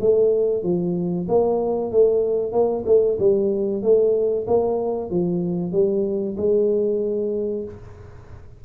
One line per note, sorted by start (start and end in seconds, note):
0.00 0.63 A3
0.63 1.27 F3
1.28 1.91 A#3
1.91 2.52 A3
2.52 2.84 A#3
2.86 3.18 A3
3.19 3.83 G3
3.83 4.47 A3
4.47 5.10 A#3
5.10 5.72 F3
5.72 6.36 G3
6.37 7.65 G#3